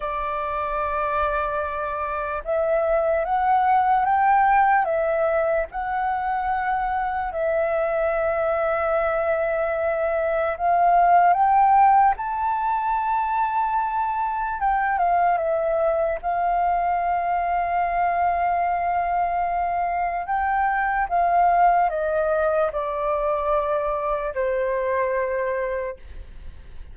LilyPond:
\new Staff \with { instrumentName = "flute" } { \time 4/4 \tempo 4 = 74 d''2. e''4 | fis''4 g''4 e''4 fis''4~ | fis''4 e''2.~ | e''4 f''4 g''4 a''4~ |
a''2 g''8 f''8 e''4 | f''1~ | f''4 g''4 f''4 dis''4 | d''2 c''2 | }